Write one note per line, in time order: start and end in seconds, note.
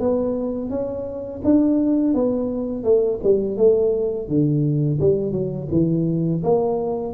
0.00 0.70 B3
0.70 1.41 C#4
1.44 2.14 D4
2.14 2.84 B3
2.84 3.19 A3
3.23 3.57 G3
3.57 4.28 A3
4.28 5.00 D3
5.01 5.32 G3
5.32 5.68 F#3
5.71 6.43 E3
6.44 7.14 A#3